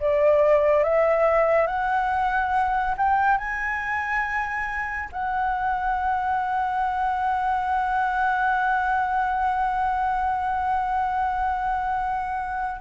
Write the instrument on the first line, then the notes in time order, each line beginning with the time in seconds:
flute
0.00 D5
0.84 E5
1.67 F#5
2.97 G5
3.38 G#5
5.12 F#5